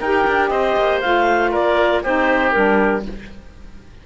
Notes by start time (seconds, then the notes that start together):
0.00 D#4 G4 A#4 G5
0.27 D4
0.49 C4 C5 D#5
0.77 A#3
1.00 A3 F4 F5
1.51 A#3 A#4 D5
2.03 C4 D#4 G4 C5
2.52 G3 D4 A#4